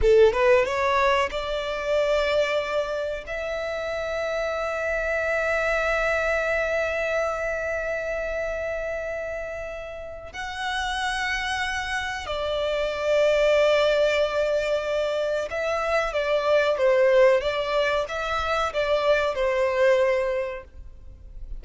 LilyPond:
\new Staff \with { instrumentName = "violin" } { \time 4/4 \tempo 4 = 93 a'8 b'8 cis''4 d''2~ | d''4 e''2.~ | e''1~ | e''1 |
fis''2. d''4~ | d''1 | e''4 d''4 c''4 d''4 | e''4 d''4 c''2 | }